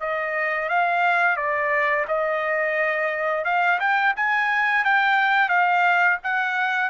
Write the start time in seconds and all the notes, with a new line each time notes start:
0.00 D#5
0.69 F5
1.36 D5
2.08 D#5
3.45 F5
3.80 G5
4.16 G#5
4.84 G5
5.49 F5
6.23 F#5